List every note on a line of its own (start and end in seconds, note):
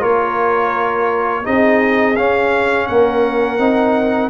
0.00 1.45 A#3
0.00 1.43 F4
0.00 1.44 A#4
0.00 1.45 C#5
1.44 2.17 C4
1.44 2.15 D#4
1.44 2.87 G#4
1.44 2.16 D#5
2.16 2.88 C#4
2.16 3.59 C#4
2.16 2.87 F5
2.87 3.58 A#3
2.87 4.30 A#4
2.87 4.29 F#5
3.58 4.30 C4
3.58 4.30 D#4